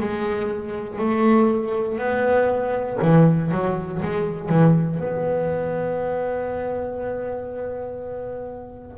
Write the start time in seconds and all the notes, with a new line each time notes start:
0.00 G#3
0.99 A3
1.99 B3
3.02 E3
3.52 F#3
4.02 G#3
4.49 E3
4.99 B3